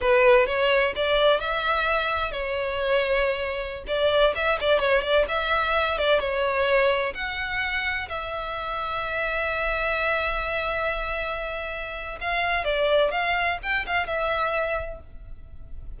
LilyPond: \new Staff \with { instrumentName = "violin" } { \time 4/4 \tempo 4 = 128 b'4 cis''4 d''4 e''4~ | e''4 cis''2.~ | cis''16 d''4 e''8 d''8 cis''8 d''8 e''8.~ | e''8. d''8 cis''2 fis''8.~ |
fis''4~ fis''16 e''2~ e''8.~ | e''1~ | e''2 f''4 d''4 | f''4 g''8 f''8 e''2 | }